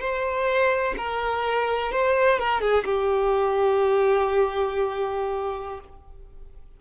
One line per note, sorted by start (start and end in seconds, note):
0.00 0.94 C5
0.97 1.92 A#4
1.92 2.39 C5
2.39 2.60 A#4
2.60 2.84 G#4
2.85 5.80 G4